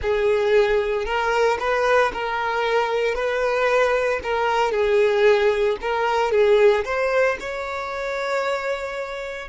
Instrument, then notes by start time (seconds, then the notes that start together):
violin
0.02 G#4
1.05 A#4
1.59 B4
2.13 A#4
3.14 B4
4.23 A#4
4.71 G#4
5.81 A#4
6.31 G#4
6.84 C5
7.39 C#5